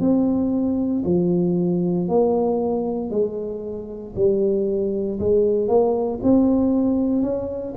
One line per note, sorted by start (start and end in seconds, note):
0.00 1.03 C4
1.05 2.08 F3
2.09 3.11 A#3
3.11 4.14 G#3
4.16 5.20 G3
5.20 5.68 G#3
5.68 6.20 A#3
6.23 7.23 C4
7.23 7.74 C#4